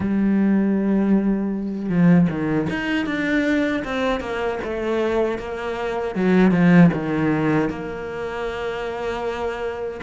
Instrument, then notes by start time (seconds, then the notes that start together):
cello
0.00 G3
1.89 F3
2.29 D#3
2.69 D#4
3.06 D4
3.84 C4
4.20 A#3
4.64 A3
5.38 A#3
6.15 F#3
6.51 F3
6.93 D#3
7.69 A#3